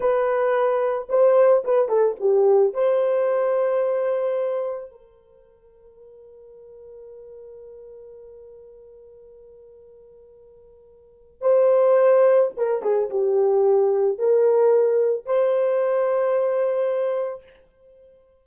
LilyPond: \new Staff \with { instrumentName = "horn" } { \time 4/4 \tempo 4 = 110 b'2 c''4 b'8 a'8 | g'4 c''2.~ | c''4 ais'2.~ | ais'1~ |
ais'1~ | ais'4 c''2 ais'8 gis'8 | g'2 ais'2 | c''1 | }